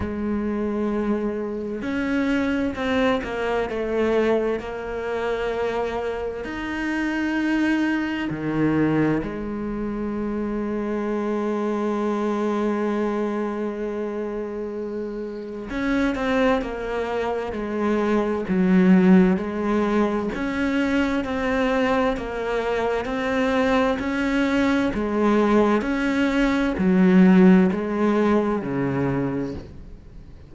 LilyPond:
\new Staff \with { instrumentName = "cello" } { \time 4/4 \tempo 4 = 65 gis2 cis'4 c'8 ais8 | a4 ais2 dis'4~ | dis'4 dis4 gis2~ | gis1~ |
gis4 cis'8 c'8 ais4 gis4 | fis4 gis4 cis'4 c'4 | ais4 c'4 cis'4 gis4 | cis'4 fis4 gis4 cis4 | }